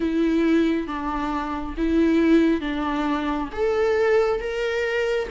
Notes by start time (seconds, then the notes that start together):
0.00 E4
0.87 D4
1.77 E4
2.60 D4
3.52 A4
4.40 A#4